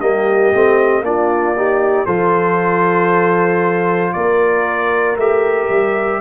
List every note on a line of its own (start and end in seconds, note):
0.00 0.52 G3
0.00 0.53 A#3
0.00 1.03 G4
0.00 1.04 D#5
0.54 1.01 A3
0.54 1.03 C4
1.01 2.05 A#3
1.01 1.55 D4
1.01 1.57 F4
1.01 2.06 D5
1.57 2.07 D#4
1.57 2.06 G4
2.06 4.14 F3
2.06 5.18 F4
2.06 4.13 A4
2.06 4.13 C5
4.13 5.17 A#3
4.13 6.21 A#4
4.13 5.17 D5
5.17 5.68 A3
5.17 6.21 G4
5.17 6.21 E5
5.70 6.21 G3